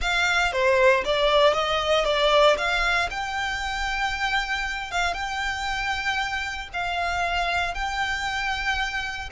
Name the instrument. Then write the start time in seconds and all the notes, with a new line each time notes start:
violin
0.01 F5
0.52 C5
1.04 D5
1.53 D#5
2.04 D5
2.57 F5
3.10 G5
4.91 F5
5.13 G5
6.73 F5
7.74 G5